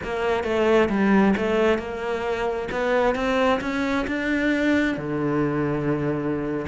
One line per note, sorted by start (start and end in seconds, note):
0.03 0.43 A#3
0.43 0.88 A3
0.89 1.34 G3
1.36 1.78 A3
1.78 2.68 A#3
2.71 3.15 B3
3.15 3.60 C4
3.60 4.06 C#4
4.07 4.97 D4
4.97 6.66 D3